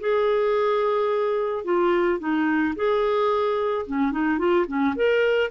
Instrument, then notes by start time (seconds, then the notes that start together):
clarinet
0.00 G#4
1.64 F4
2.19 D#4
2.76 G#4
3.86 C#4
4.12 D#4
4.39 F4
4.67 C#4
4.96 A#4